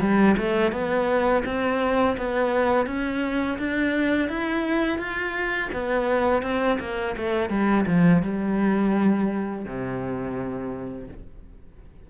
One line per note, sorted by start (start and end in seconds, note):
0.00 0.36 G3
0.37 0.71 A3
0.71 1.43 B3
1.45 2.16 C4
2.17 2.86 B3
2.86 3.57 C#4
3.58 4.29 D4
4.29 4.98 E4
4.98 5.69 F4
5.72 6.42 B3
6.42 6.78 C4
6.79 7.15 A#3
7.17 7.49 A3
7.49 7.85 G3
7.86 8.22 F3
8.22 9.65 G3
9.65 11.08 C3